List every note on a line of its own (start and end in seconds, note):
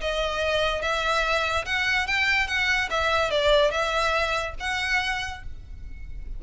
0.00 0.81 D#5
0.81 1.65 E5
1.65 2.07 F#5
2.07 2.47 G5
2.47 2.89 F#5
2.90 3.30 E5
3.30 3.71 D5
3.71 4.54 E5
4.59 5.43 F#5